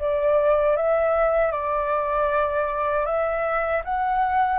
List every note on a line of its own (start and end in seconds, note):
0.00 0.77 D5
0.77 1.52 E5
1.52 3.06 D5
3.06 3.83 E5
3.85 4.59 F#5